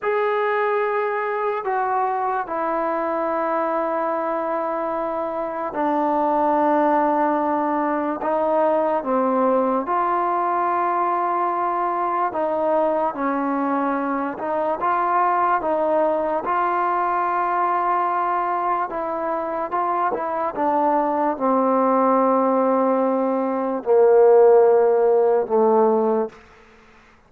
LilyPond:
\new Staff \with { instrumentName = "trombone" } { \time 4/4 \tempo 4 = 73 gis'2 fis'4 e'4~ | e'2. d'4~ | d'2 dis'4 c'4 | f'2. dis'4 |
cis'4. dis'8 f'4 dis'4 | f'2. e'4 | f'8 e'8 d'4 c'2~ | c'4 ais2 a4 | }